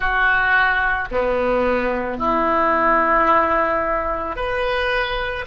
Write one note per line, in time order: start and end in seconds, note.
0.00 1.08 F#4
1.11 2.18 B3
2.18 4.36 E4
4.36 5.45 B4